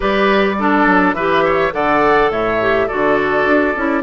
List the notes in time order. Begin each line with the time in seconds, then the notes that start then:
0.00 G3 G4 B4 D5
0.58 D4 A4
0.86 F#3
1.13 E3 G4 B4 E5
1.44 C#5
1.71 D3 A4 D5 F#5
2.29 A2 C#5 E5
2.61 G4
2.87 D3 F#4 A4 D5
3.45 D4
3.76 C#4 E4